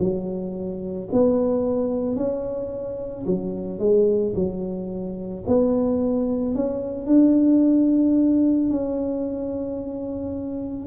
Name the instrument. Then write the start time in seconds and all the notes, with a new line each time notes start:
tuba
0.00 F#3
1.13 B3
2.16 C#4
3.27 F#3
3.79 G#3
4.35 F#3
5.47 B3
6.56 C#4
7.07 D4
8.70 C#4